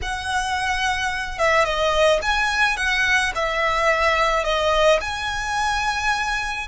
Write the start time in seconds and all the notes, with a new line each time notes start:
0.02 F#5
1.38 E5
1.64 D#5
2.22 G#5
2.76 F#5
3.35 E5
4.44 D#5
5.01 G#5